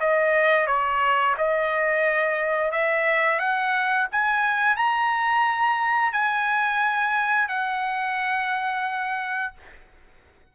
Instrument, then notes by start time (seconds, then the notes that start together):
trumpet
0.00 D#5
0.67 C#5
1.38 D#5
2.72 E5
3.39 F#5
4.12 G#5
4.77 A#5
6.13 G#5
7.48 F#5